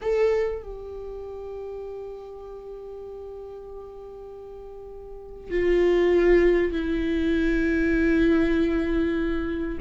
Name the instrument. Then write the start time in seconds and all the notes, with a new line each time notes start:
viola
0.01 A4
0.62 G4
5.50 F4
6.72 E4